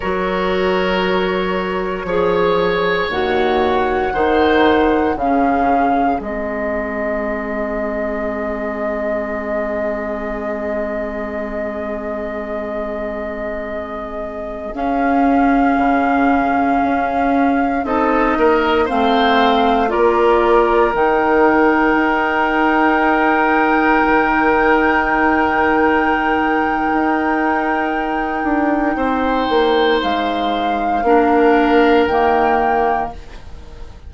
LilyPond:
<<
  \new Staff \with { instrumentName = "flute" } { \time 4/4 \tempo 4 = 58 cis''2. fis''4~ | fis''4 f''4 dis''2~ | dis''1~ | dis''2~ dis''16 f''4.~ f''16~ |
f''4~ f''16 dis''4 f''4 d''8.~ | d''16 g''2.~ g''8.~ | g''1~ | g''4 f''2 g''4 | }
  \new Staff \with { instrumentName = "oboe" } { \time 4/4 ais'2 cis''2 | c''4 gis'2.~ | gis'1~ | gis'1~ |
gis'4~ gis'16 a'8 ais'8 c''4 ais'8.~ | ais'1~ | ais'1 | c''2 ais'2 | }
  \new Staff \with { instrumentName = "clarinet" } { \time 4/4 fis'2 gis'4 fis'4 | dis'4 cis'4 c'2~ | c'1~ | c'2~ c'16 cis'4.~ cis'16~ |
cis'4~ cis'16 dis'4 c'4 f'8.~ | f'16 dis'2.~ dis'8.~ | dis'1~ | dis'2 d'4 ais4 | }
  \new Staff \with { instrumentName = "bassoon" } { \time 4/4 fis2 f4 dis,4 | dis4 cis4 gis2~ | gis1~ | gis2~ gis16 cis'4 cis8.~ |
cis16 cis'4 c'8 ais8 a4 ais8.~ | ais16 dis4 dis'2 dis8.~ | dis2 dis'4. d'8 | c'8 ais8 gis4 ais4 dis4 | }
>>